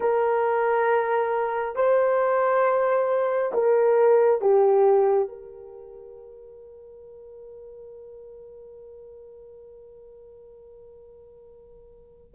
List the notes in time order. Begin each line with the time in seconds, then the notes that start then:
0.00 A#4
1.75 C5
3.53 A#4
4.41 G4
5.28 A#4